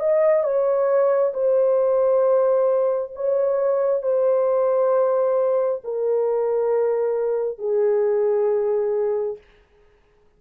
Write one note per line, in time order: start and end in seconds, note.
0.00 0.44 D#5
0.44 1.33 C#5
1.34 3.13 C5
3.15 4.03 C#5
4.03 5.82 C5
5.84 7.59 A#4
7.59 9.38 G#4